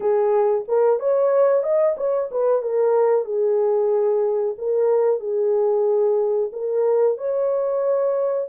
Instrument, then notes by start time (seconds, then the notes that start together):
horn
0.00 G#4
0.68 A#4
0.99 C#5
1.63 D#5
1.97 C#5
2.31 B4
2.61 A#4
3.25 G#4
4.57 A#4
5.19 G#4
6.52 A#4
7.17 C#5